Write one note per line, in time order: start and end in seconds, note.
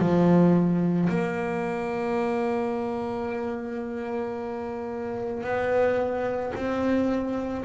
0.00 1.09 F3
1.10 5.44 A#3
5.44 6.53 B3
6.56 7.65 C4